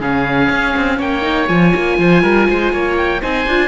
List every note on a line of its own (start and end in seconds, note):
0.00 0.50 C#3
0.00 1.22 C#4
0.00 0.98 G#4
0.00 1.00 F5
0.50 0.75 C#4
0.76 0.99 C4
0.98 1.49 A#3
0.98 1.97 C#5
0.98 1.48 G5
1.22 1.46 D#4
1.47 1.74 F3
1.47 3.21 F4
1.47 2.96 G#5
1.75 1.98 A#3
1.98 2.23 F3
1.98 2.23 C5
2.23 2.48 G3
2.23 2.47 A#4
2.50 2.73 G#3
2.50 2.73 C5
2.73 3.22 A#3
2.73 3.22 C#5
2.97 3.22 G5
3.21 3.47 C4
3.21 3.46 D#4
3.21 3.68 C5
3.21 3.68 G#5
3.47 3.68 D4
3.47 3.68 F4